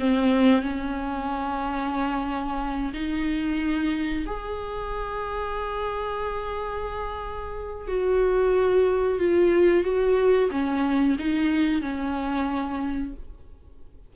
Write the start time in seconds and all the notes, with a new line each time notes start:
0.00 C4
0.62 C#4
2.94 D#4
4.26 G#4
7.88 F#4
9.19 F4
9.84 F#4
10.51 C#4
11.19 D#4
11.82 C#4